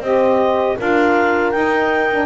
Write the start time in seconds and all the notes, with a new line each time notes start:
0.00 C4 G4 C5 D#5
0.77 D4 F4 A#4 F5
1.51 D#4 G5
2.10 D4